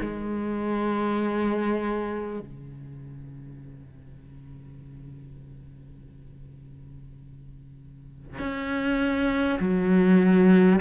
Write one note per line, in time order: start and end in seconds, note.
0.00 2.40 G#3
2.40 8.38 C#3
8.38 9.58 C#4
9.59 10.79 F#3